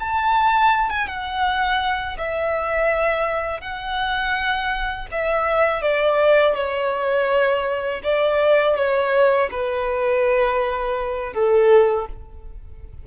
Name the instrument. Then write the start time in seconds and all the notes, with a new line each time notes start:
violin
0.00 A5
0.90 G#5
1.07 F#5
2.18 E5
3.61 F#5
5.12 E5
5.82 D5
6.55 C#5
8.04 D5
8.76 C#5
9.51 B4
11.34 A4